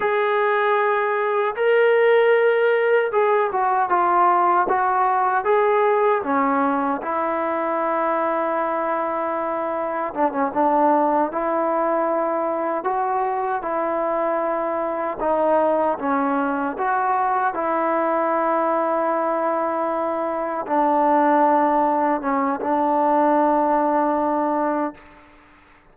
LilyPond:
\new Staff \with { instrumentName = "trombone" } { \time 4/4 \tempo 4 = 77 gis'2 ais'2 | gis'8 fis'8 f'4 fis'4 gis'4 | cis'4 e'2.~ | e'4 d'16 cis'16 d'4 e'4.~ |
e'8 fis'4 e'2 dis'8~ | dis'8 cis'4 fis'4 e'4.~ | e'2~ e'8 d'4.~ | d'8 cis'8 d'2. | }